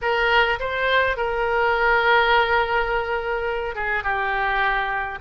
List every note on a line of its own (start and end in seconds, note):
0.01 0.59 A#4
0.59 1.16 C5
1.16 3.75 A#4
3.75 4.03 G#4
4.03 5.18 G4